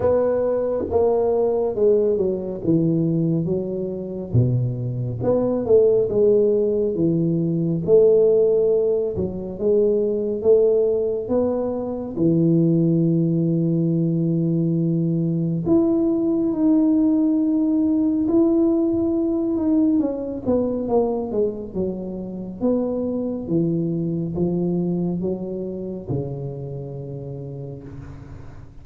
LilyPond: \new Staff \with { instrumentName = "tuba" } { \time 4/4 \tempo 4 = 69 b4 ais4 gis8 fis8 e4 | fis4 b,4 b8 a8 gis4 | e4 a4. fis8 gis4 | a4 b4 e2~ |
e2 e'4 dis'4~ | dis'4 e'4. dis'8 cis'8 b8 | ais8 gis8 fis4 b4 e4 | f4 fis4 cis2 | }